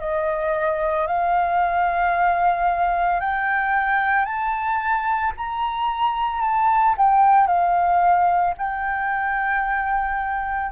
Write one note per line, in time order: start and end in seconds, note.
0.00 1.07 D#5
1.07 3.20 F5
3.20 4.25 G5
4.25 5.32 A5
5.37 6.42 A#5
6.42 6.95 A5
6.97 7.47 G5
7.47 8.54 F5
8.58 10.72 G5